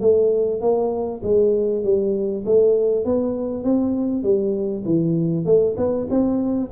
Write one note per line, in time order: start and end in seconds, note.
0.00 0.60 A3
0.60 1.21 A#3
1.23 1.83 G#3
1.83 2.44 G3
2.45 3.05 A3
3.05 3.63 B3
3.63 4.23 C4
4.23 4.83 G3
4.85 5.45 E3
5.45 5.75 A3
5.77 6.07 B3
6.10 6.70 C4